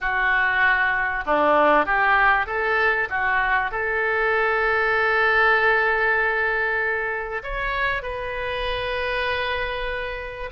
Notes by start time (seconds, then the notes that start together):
0.00 F#4
1.25 D4
1.85 G4
2.46 A4
3.09 F#4
3.71 A4
7.43 C#5
8.02 B4